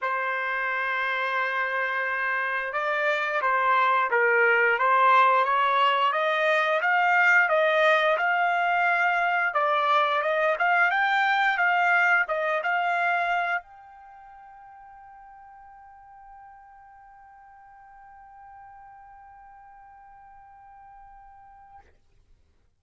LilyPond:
\new Staff \with { instrumentName = "trumpet" } { \time 4/4 \tempo 4 = 88 c''1 | d''4 c''4 ais'4 c''4 | cis''4 dis''4 f''4 dis''4 | f''2 d''4 dis''8 f''8 |
g''4 f''4 dis''8 f''4. | g''1~ | g''1~ | g''1 | }